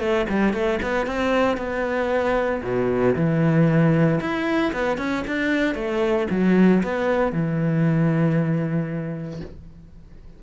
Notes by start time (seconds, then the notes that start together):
0.00 A3
0.29 G3
0.54 A3
0.83 B3
1.07 C4
1.57 B3
2.63 B2
3.16 E3
4.20 E4
4.73 B3
4.98 C#4
5.27 D4
5.75 A3
6.31 F#3
6.83 B3
7.33 E3